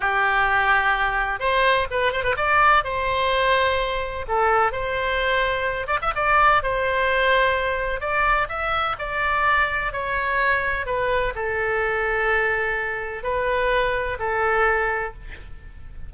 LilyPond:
\new Staff \with { instrumentName = "oboe" } { \time 4/4 \tempo 4 = 127 g'2. c''4 | b'8 c''16 b'16 d''4 c''2~ | c''4 a'4 c''2~ | c''8 d''16 e''16 d''4 c''2~ |
c''4 d''4 e''4 d''4~ | d''4 cis''2 b'4 | a'1 | b'2 a'2 | }